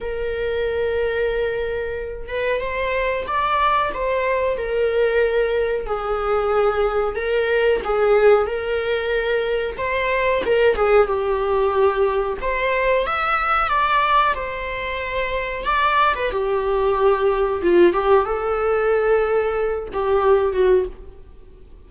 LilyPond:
\new Staff \with { instrumentName = "viola" } { \time 4/4 \tempo 4 = 92 ais'2.~ ais'8 b'8 | c''4 d''4 c''4 ais'4~ | ais'4 gis'2 ais'4 | gis'4 ais'2 c''4 |
ais'8 gis'8 g'2 c''4 | e''4 d''4 c''2 | d''8. b'16 g'2 f'8 g'8 | a'2~ a'8 g'4 fis'8 | }